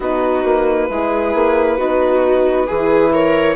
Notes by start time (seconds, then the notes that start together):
0.00 B3 D#4 F#4 B4
0.44 A#3
0.89 G#3 E4 G#4
1.34 A#3
1.77 B3 D#4 F#4
2.66 E3 E4 G#4
3.13 A#4 C#5